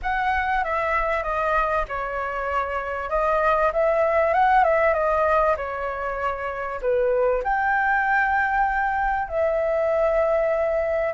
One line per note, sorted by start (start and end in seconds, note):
0.02 0.64 F#5
0.64 1.23 E5
1.23 1.85 D#5
1.88 3.09 C#5
3.09 3.71 D#5
3.72 4.33 E5
4.33 4.64 F#5
4.64 4.93 E5
4.93 5.55 D#5
5.56 6.80 C#5
6.81 7.43 B4
7.43 9.28 G5
9.28 11.13 E5